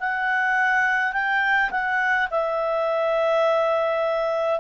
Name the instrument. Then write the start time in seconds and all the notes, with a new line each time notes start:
clarinet
0.00 F#5
1.13 G5
1.71 F#5
2.31 E5